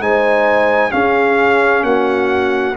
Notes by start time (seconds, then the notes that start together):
0.00 G#3 D#4 C5 G#5
0.91 C#4 G#4 F5
1.83 A#3 F#4 F#5